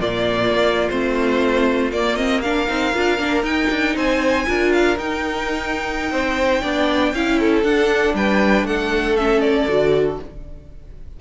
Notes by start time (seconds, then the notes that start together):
0.00 A#2 A#3 F4 D5
0.51 A#3
0.90 A3 C4 C5
1.92 A#3 D5
2.16 C4 D#5
2.42 D4 A#4 F5
2.68 C4 D#4
2.94 D4 F4
3.19 A#3 D4
3.43 D#4 G5
3.71 D4
3.95 C4 C5 G#5
4.47 D4 F4 A#4
4.73 F5
4.98 D#4 G5
6.11 C4 C5
6.62 B3 D4 D5
7.14 C#4 E4 F5
7.40 A4
7.64 D4 F#5
8.14 G3 B4 G5
8.63 A3 A4 F#5
9.17 C#4 E5
9.41 D5
9.69 D3 F#4